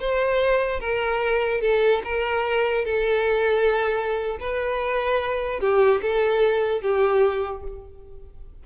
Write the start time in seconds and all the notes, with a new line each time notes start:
0.00 C5
0.80 A#4
1.61 A4
2.04 A#4
2.85 A4
4.40 B4
5.60 G4
6.02 A4
6.82 G4